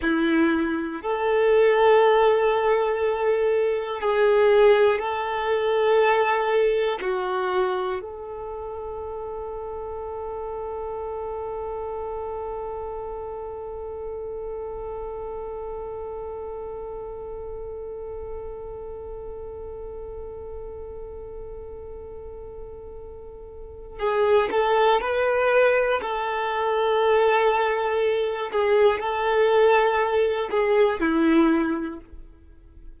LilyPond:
\new Staff \with { instrumentName = "violin" } { \time 4/4 \tempo 4 = 60 e'4 a'2. | gis'4 a'2 fis'4 | a'1~ | a'1~ |
a'1~ | a'1 | gis'8 a'8 b'4 a'2~ | a'8 gis'8 a'4. gis'8 e'4 | }